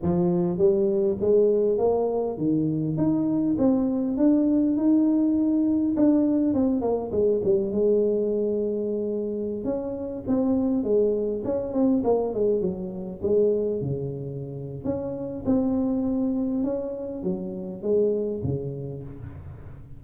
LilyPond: \new Staff \with { instrumentName = "tuba" } { \time 4/4 \tempo 4 = 101 f4 g4 gis4 ais4 | dis4 dis'4 c'4 d'4 | dis'2 d'4 c'8 ais8 | gis8 g8 gis2.~ |
gis16 cis'4 c'4 gis4 cis'8 c'16~ | c'16 ais8 gis8 fis4 gis4 cis8.~ | cis4 cis'4 c'2 | cis'4 fis4 gis4 cis4 | }